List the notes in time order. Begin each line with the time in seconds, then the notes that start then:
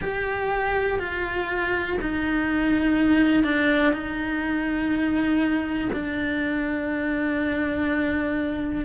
0.01 G4
0.99 F4
2.01 D#4
3.43 D4
3.92 D#4
5.92 D4